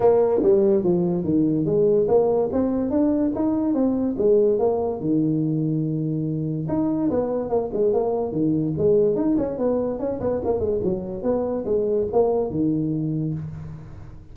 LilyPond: \new Staff \with { instrumentName = "tuba" } { \time 4/4 \tempo 4 = 144 ais4 g4 f4 dis4 | gis4 ais4 c'4 d'4 | dis'4 c'4 gis4 ais4 | dis1 |
dis'4 b4 ais8 gis8 ais4 | dis4 gis4 dis'8 cis'8 b4 | cis'8 b8 ais8 gis8 fis4 b4 | gis4 ais4 dis2 | }